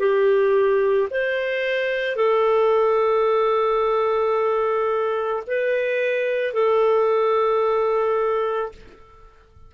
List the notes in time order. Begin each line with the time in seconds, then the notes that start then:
0.00 G4
1.11 C5
2.16 A4
5.47 B4
6.54 A4